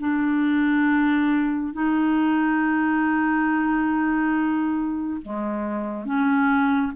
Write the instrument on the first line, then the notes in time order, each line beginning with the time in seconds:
clarinet
0.00 D4
1.73 D#4
5.22 G#3
6.06 C#4